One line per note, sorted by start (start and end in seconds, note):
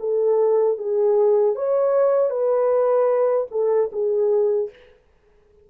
0.00 0.78 A4
0.78 1.55 G#4
1.55 2.30 C#5
2.30 3.47 B4
3.51 3.90 A4
3.92 4.70 G#4